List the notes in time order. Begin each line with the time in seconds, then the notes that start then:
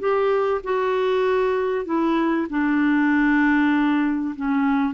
0.00 G4
0.64 F#4
1.86 E4
2.50 D4
4.36 C#4